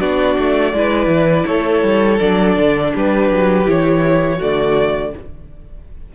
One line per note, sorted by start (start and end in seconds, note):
0.00 0.37 B3
0.00 0.73 D4
0.00 0.74 F#4
0.00 1.46 D5
0.38 0.73 A3
0.73 1.07 G#3
0.73 2.20 E4
0.73 1.46 B4
1.07 1.43 E3
1.46 1.83 A3
1.46 2.92 A4
1.46 2.19 C#5
1.83 2.19 G3
2.20 2.57 F#3
2.20 3.66 D4
2.20 2.93 D5
2.57 2.94 D3
2.94 3.30 G3
2.94 4.37 G4
2.94 3.69 B4
3.30 3.67 F#3
3.66 4.40 E3
3.66 4.39 E4
3.66 4.42 C#5
4.37 5.14 D3
4.37 5.12 A3
4.37 5.10 F#4
4.37 5.15 D5